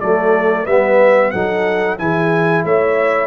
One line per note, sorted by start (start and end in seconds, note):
0.00 0.66 F#3
0.00 0.66 A3
0.00 0.63 A4
0.00 0.66 D5
0.63 1.32 G3
0.63 1.29 B4
0.63 1.31 E5
0.70 1.34 B3
1.31 1.99 F#3
1.31 1.98 D#4
1.31 1.98 A4
1.31 1.97 F#5
1.98 2.65 E3
1.98 3.27 E4
1.98 2.65 G#4
1.98 2.64 G#5
2.65 3.27 A3
2.65 3.27 C#5
2.65 3.27 E5